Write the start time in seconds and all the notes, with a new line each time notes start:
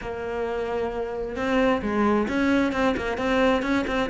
0.01 A#3
1.36 C4
1.82 G#3
2.28 C#4
2.72 C4
2.97 A#3
3.17 C4
3.62 C#4
3.87 C4